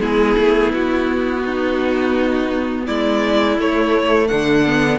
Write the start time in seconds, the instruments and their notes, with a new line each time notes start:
0.00 cello G#3, viola B3, violin E4 G#4
0.37 cello A3
0.73 cello B3, violin F#4
1.44 violin D#4
2.86 cello G#3, violin E4 D5
3.58 cello A3, viola A3, violin C#5
4.27 cello D3, violin D4 F#5
4.66 viola B3